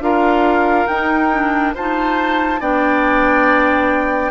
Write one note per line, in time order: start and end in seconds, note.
0.00 0.86 D4
0.00 0.87 F4
0.00 1.75 A#4
0.00 0.87 F5
0.87 1.75 D#4
0.87 1.32 D#4
0.87 1.73 G5
1.32 1.75 D4
1.75 2.61 D#4
1.75 2.61 F4
1.75 2.60 C5
1.75 2.62 A5
2.60 4.32 B3
2.60 4.32 D4
2.60 4.32 D5
2.60 4.32 G5